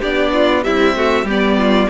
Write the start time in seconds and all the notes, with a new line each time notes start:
0.00 B3 D4 G4 D5
0.33 F4
0.64 G3 C4 E4 E5
0.96 A3 F#4
1.24 G3 B3 G4
1.31 D5
1.59 F4